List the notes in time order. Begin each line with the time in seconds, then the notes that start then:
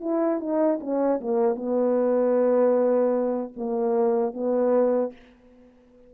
0.00 E4
0.39 D#4
0.80 C#4
1.21 A#3
1.55 B3
3.56 A#3
4.33 B3